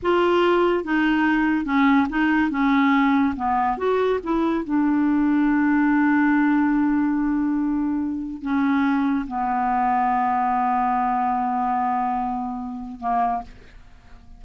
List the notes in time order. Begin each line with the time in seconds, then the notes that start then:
0.02 F4
0.84 D#4
1.65 C#4
2.09 D#4
2.50 C#4
3.35 B3
3.77 F#4
4.23 E4
4.64 D4
8.41 C#4
9.27 B3
13.00 A#3